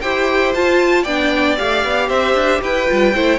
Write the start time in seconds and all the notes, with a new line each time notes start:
0.00 E4 G4 C5 G5
0.54 F4 A5
1.02 B3 D4 D5 G5
1.57 A3 G4 F5
1.83 B3
2.08 C4 C5 E5
2.34 D4
2.61 E4 B4 G5
2.87 G3 F4
3.14 A3 E4 C5